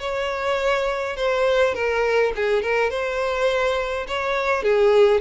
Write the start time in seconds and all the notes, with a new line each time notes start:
0.00 C#5
1.17 C5
1.75 A#4
2.36 G#4
2.63 A#4
2.90 C5
4.08 C#5
4.63 G#4